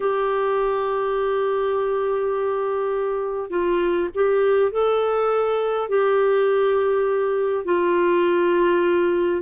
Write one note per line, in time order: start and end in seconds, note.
0.00 3.50 G4
3.50 4.09 F4
4.14 4.71 G4
4.71 5.88 A4
5.88 7.65 G4
7.65 9.41 F4